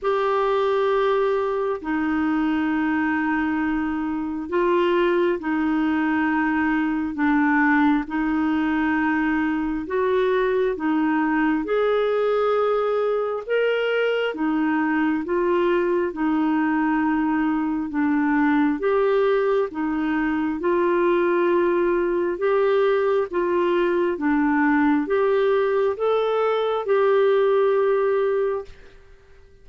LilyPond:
\new Staff \with { instrumentName = "clarinet" } { \time 4/4 \tempo 4 = 67 g'2 dis'2~ | dis'4 f'4 dis'2 | d'4 dis'2 fis'4 | dis'4 gis'2 ais'4 |
dis'4 f'4 dis'2 | d'4 g'4 dis'4 f'4~ | f'4 g'4 f'4 d'4 | g'4 a'4 g'2 | }